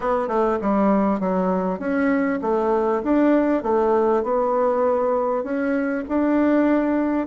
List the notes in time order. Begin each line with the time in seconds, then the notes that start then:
0.00 B3
0.28 A3
0.61 G3
1.20 F#3
1.79 C#4
2.41 A3
3.03 D4
3.63 A3
4.23 B3
5.43 C#4
6.08 D4